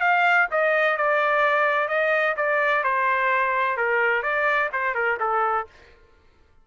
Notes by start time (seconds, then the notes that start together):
0.00 F5
0.51 D#5
0.97 D5
1.88 D#5
2.36 D5
2.83 C5
3.76 A#4
4.22 D5
4.72 C5
4.94 A#4
5.20 A4